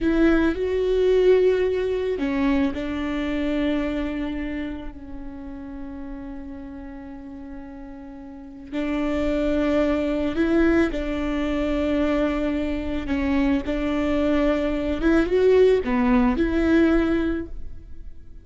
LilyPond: \new Staff \with { instrumentName = "viola" } { \time 4/4 \tempo 4 = 110 e'4 fis'2. | cis'4 d'2.~ | d'4 cis'2.~ | cis'1 |
d'2. e'4 | d'1 | cis'4 d'2~ d'8 e'8 | fis'4 b4 e'2 | }